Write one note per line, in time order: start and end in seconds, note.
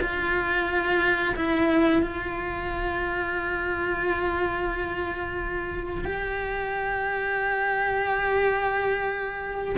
0.00 1.35 F4
1.35 2.02 E4
2.02 6.04 F4
6.04 9.75 G4